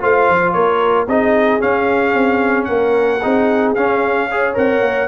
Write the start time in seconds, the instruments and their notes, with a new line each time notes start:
0.00 tuba A3, trombone F4, horn C5, trumpet F5
0.28 tuba F3
0.53 tuba A#3, horn A#4, trumpet C#5
1.07 tuba C4, trombone D#4, horn G#4, trumpet D#5
1.60 trombone C#4, tuba C#4, trumpet F5
2.14 tuba C4
2.65 tuba A#3, horn A#4, trumpet F#5
3.20 tuba C4, trombone D#4, horn G#4
3.75 tuba C#4, trombone C#4, trumpet F5
4.30 trombone G#4, horn C#5
4.54 tuba C4, trombone A#4, trumpet F#5
4.81 tuba A#3